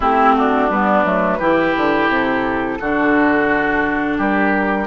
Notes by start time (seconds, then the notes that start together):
0.00 A3 C4 E4 G4
0.34 D4 F#4
0.69 G3 B3 B4
1.04 F#3 A3
1.39 E3 E4 G4
1.77 D3
2.08 C3 A4
2.80 D3 D4 F#4
4.17 G3 G4 A#4